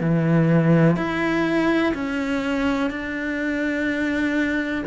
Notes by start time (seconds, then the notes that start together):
0.00 E3
0.96 E4
1.94 C#4
2.90 D4